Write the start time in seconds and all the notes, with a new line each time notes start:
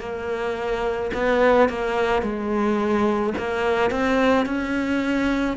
0.00 A#3
1.14 B3
1.69 A#3
2.23 G#3
3.38 A#3
3.91 C4
4.46 C#4